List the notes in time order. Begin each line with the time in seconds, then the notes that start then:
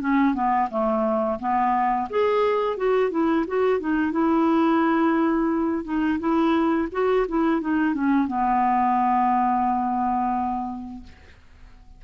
0.00 C#4
0.34 B3
0.70 A3
1.39 B3
2.09 G#4
2.77 F#4
3.11 E4
3.47 F#4
3.80 D#4
4.11 E4
5.84 D#4
6.19 E4
6.92 F#4
7.28 E4
7.61 D#4
7.94 C#4
8.27 B3